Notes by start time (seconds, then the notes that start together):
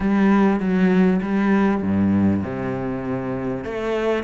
0.00 G3
0.60 F#3
1.21 G3
1.82 G2
2.43 C3
3.64 A3